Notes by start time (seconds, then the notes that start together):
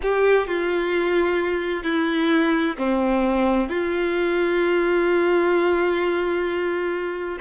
0.02 G4
0.47 F4
1.83 E4
2.78 C4
3.69 F4